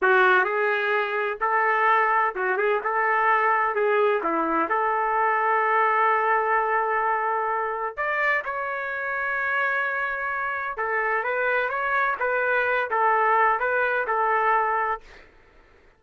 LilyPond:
\new Staff \with { instrumentName = "trumpet" } { \time 4/4 \tempo 4 = 128 fis'4 gis'2 a'4~ | a'4 fis'8 gis'8 a'2 | gis'4 e'4 a'2~ | a'1~ |
a'4 d''4 cis''2~ | cis''2. a'4 | b'4 cis''4 b'4. a'8~ | a'4 b'4 a'2 | }